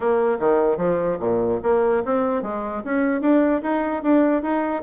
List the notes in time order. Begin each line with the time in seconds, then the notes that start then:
0.00 A#3
0.39 D#3
0.77 F3
1.20 A#2
1.62 A#3
2.05 C4
2.42 G#3
2.84 C#4
3.21 D4
3.62 D#4
4.02 D4
4.42 D#4